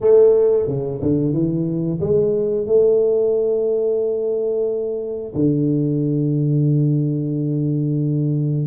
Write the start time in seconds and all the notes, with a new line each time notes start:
0.00 A3
0.67 C#3
1.02 D3
1.33 E3
2.00 G#3
2.66 A3
5.35 D3